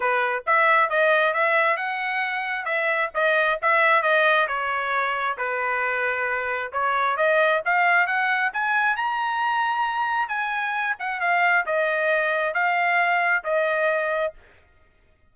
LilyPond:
\new Staff \with { instrumentName = "trumpet" } { \time 4/4 \tempo 4 = 134 b'4 e''4 dis''4 e''4 | fis''2 e''4 dis''4 | e''4 dis''4 cis''2 | b'2. cis''4 |
dis''4 f''4 fis''4 gis''4 | ais''2. gis''4~ | gis''8 fis''8 f''4 dis''2 | f''2 dis''2 | }